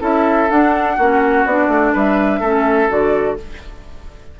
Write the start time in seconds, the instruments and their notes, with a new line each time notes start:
0.00 bassoon C#4, clarinet E4, oboe A4, flute E5
0.50 clarinet D4, bassoon D4, flute F#5
0.97 bassoon A#3, clarinet C#4, oboe F#4
1.45 bassoon B3, clarinet D4, flute D5
1.68 bassoon A3
1.93 bassoon G3, oboe B4, flute E5
2.40 bassoon A3, clarinet C#4, oboe A4
2.89 bassoon D3, clarinet F#4, flute D5